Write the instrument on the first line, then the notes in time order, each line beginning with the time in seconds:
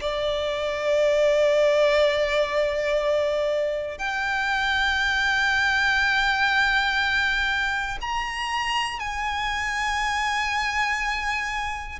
violin
0.00 D5
3.98 G5
8.01 A#5
8.99 G#5